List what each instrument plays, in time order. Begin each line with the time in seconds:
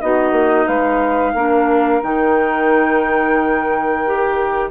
0.00 bassoon B3, clarinet D#4, saxophone F#4, flute D#5
0.31 bassoon A#3
0.65 bassoon G#3, saxophone B4, flute F5
1.34 bassoon A#3, clarinet D4, saxophone A#4
2.03 bassoon D#3, clarinet D#4, flute G5
4.06 clarinet G4